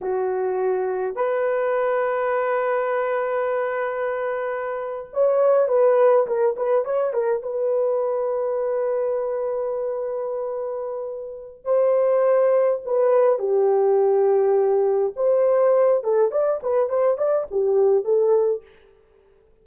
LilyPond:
\new Staff \with { instrumentName = "horn" } { \time 4/4 \tempo 4 = 103 fis'2 b'2~ | b'1~ | b'8. cis''4 b'4 ais'8 b'8 cis''16~ | cis''16 ais'8 b'2.~ b'16~ |
b'1 | c''2 b'4 g'4~ | g'2 c''4. a'8 | d''8 b'8 c''8 d''8 g'4 a'4 | }